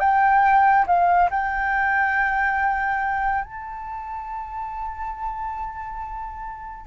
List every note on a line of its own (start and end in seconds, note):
0.00 0.86 G5
0.87 1.30 F5
1.31 3.45 G5
3.45 6.87 A5